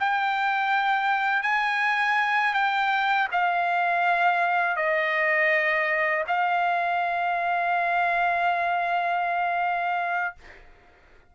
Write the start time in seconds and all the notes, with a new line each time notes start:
0.00 G5
1.43 G#5
2.54 G5
3.32 F5
4.76 D#5
6.28 F5